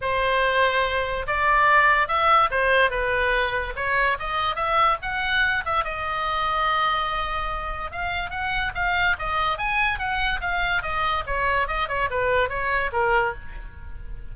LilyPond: \new Staff \with { instrumentName = "oboe" } { \time 4/4 \tempo 4 = 144 c''2. d''4~ | d''4 e''4 c''4 b'4~ | b'4 cis''4 dis''4 e''4 | fis''4. e''8 dis''2~ |
dis''2. f''4 | fis''4 f''4 dis''4 gis''4 | fis''4 f''4 dis''4 cis''4 | dis''8 cis''8 b'4 cis''4 ais'4 | }